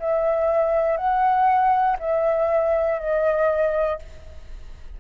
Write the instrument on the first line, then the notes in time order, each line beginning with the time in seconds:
flute
0.00 E5
0.97 F#5
2.00 E5
2.99 D#5